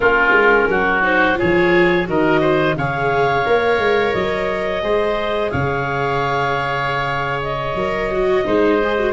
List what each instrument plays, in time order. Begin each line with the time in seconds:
0.00 tuba A#3, viola C#4, oboe F4, clarinet A#4
0.32 tuba G#3
0.69 tuba F#3, oboe F#4
1.02 viola D#4, clarinet C5
1.34 viola F4, oboe G#4, clarinet C#5
1.42 tuba F3
2.06 tuba D#3, viola F#4, oboe A#4, clarinet D#5
2.40 oboe C5
2.75 tuba C#3, viola G#4, oboe C#5, clarinet F5
3.45 tuba A#3, viola A#4
3.78 tuba G#3
4.13 tuba F#3, clarinet D#5
4.81 tuba G#3, viola G#4, oboe C5
5.50 tuba C#3, oboe C#5, clarinet F5
7.42 clarinet D#5
7.74 tuba F#3, viola A#4
8.11 viola F#4
8.45 tuba G#3, viola D#4, oboe C5
8.83 viola G#4
8.98 viola F#4